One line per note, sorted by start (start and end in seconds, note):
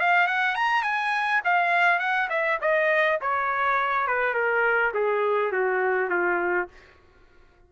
0.00 0.27 F5
0.27 0.55 F#5
0.55 0.83 A#5
0.83 1.41 G#5
1.44 1.99 F5
1.99 2.28 F#5
2.30 2.59 E5
2.61 3.19 D#5
3.21 4.07 C#5
4.07 4.34 B4
4.34 4.92 A#4
4.94 5.52 G#4
5.52 6.10 F#4
6.10 6.68 F4